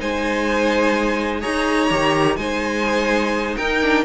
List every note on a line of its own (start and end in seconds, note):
0.00 1.44 G#3
0.00 1.42 D#4
0.00 1.41 C5
0.00 1.42 G#5
1.41 1.91 D#4
1.41 1.89 G#4
1.41 2.37 C#5
1.41 2.37 A#5
1.90 2.37 D#3
1.90 2.37 G4
2.37 3.56 G#3
2.37 3.80 D#4
2.37 3.58 C5
2.37 3.56 G#5
3.57 4.05 D#4
3.57 4.05 A#4
3.57 4.05 G5
3.82 4.05 D4